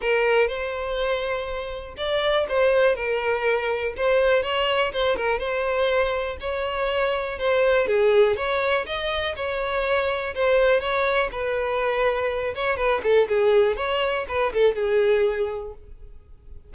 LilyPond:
\new Staff \with { instrumentName = "violin" } { \time 4/4 \tempo 4 = 122 ais'4 c''2. | d''4 c''4 ais'2 | c''4 cis''4 c''8 ais'8 c''4~ | c''4 cis''2 c''4 |
gis'4 cis''4 dis''4 cis''4~ | cis''4 c''4 cis''4 b'4~ | b'4. cis''8 b'8 a'8 gis'4 | cis''4 b'8 a'8 gis'2 | }